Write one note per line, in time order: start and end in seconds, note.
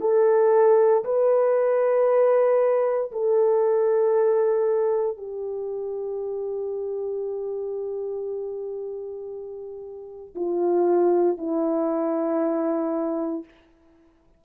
0.00 1.03 A4
1.04 3.11 B4
3.11 5.17 A4
5.17 10.34 G4
10.34 11.37 F4
11.37 13.44 E4